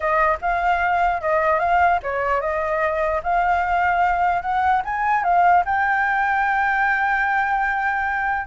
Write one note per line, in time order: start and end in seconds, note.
0.00 0.38 D#5
0.41 1.21 F5
1.21 1.59 D#5
1.59 1.99 F5
2.02 2.40 C#5
2.40 3.21 D#5
3.23 4.41 F5
4.41 4.82 F#5
4.84 5.23 G#5
5.23 5.64 F5
5.65 8.47 G5